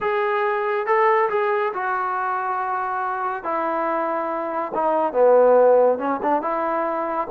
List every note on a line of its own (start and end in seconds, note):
0.00 0.86 G#4
0.86 1.29 A4
1.29 1.72 G#4
1.73 3.43 F#4
3.43 4.72 E4
4.74 5.12 D#4
5.12 5.98 B3
5.98 6.19 C#4
6.22 6.41 D4
6.41 7.27 E4